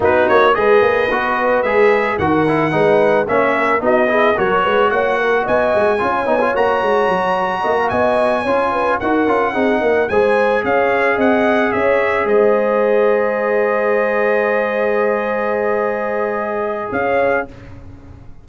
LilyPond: <<
  \new Staff \with { instrumentName = "trumpet" } { \time 4/4 \tempo 4 = 110 b'8 cis''8 dis''2 e''4 | fis''2 e''4 dis''4 | cis''4 fis''4 gis''2 | ais''2~ ais''8 gis''4.~ |
gis''8 fis''2 gis''4 f''8~ | f''8 fis''4 e''4 dis''4.~ | dis''1~ | dis''2. f''4 | }
  \new Staff \with { instrumentName = "horn" } { \time 4/4 fis'4 b'2. | ais'4 b'4 cis''8 ais'8 fis'8 gis'8 | ais'8 b'8 cis''8 ais'8 dis''4 cis''4~ | cis''2 dis''16 f''16 dis''4 cis''8 |
b'8 ais'4 gis'8 ais'8 c''4 cis''8~ | cis''8 dis''4 cis''4 c''4.~ | c''1~ | c''2. cis''4 | }
  \new Staff \with { instrumentName = "trombone" } { \time 4/4 dis'4 gis'4 fis'4 gis'4 | fis'8 e'8 dis'4 cis'4 dis'8 e'8 | fis'2. f'8 dis'16 f'16 | fis'2.~ fis'8 f'8~ |
f'8 fis'8 f'8 dis'4 gis'4.~ | gis'1~ | gis'1~ | gis'1 | }
  \new Staff \with { instrumentName = "tuba" } { \time 4/4 b8 ais8 gis8 ais8 b4 gis4 | dis4 gis4 ais4 b4 | fis8 gis8 ais4 b8 gis8 cis'8 b8 | ais8 gis8 fis4 ais8 b4 cis'8~ |
cis'8 dis'8 cis'8 c'8 ais8 gis4 cis'8~ | cis'8 c'4 cis'4 gis4.~ | gis1~ | gis2. cis'4 | }
>>